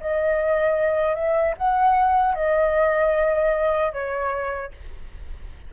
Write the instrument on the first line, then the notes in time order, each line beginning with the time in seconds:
flute
0.00 D#5
1.15 E5
1.57 F#5
2.35 D#5
3.93 C#5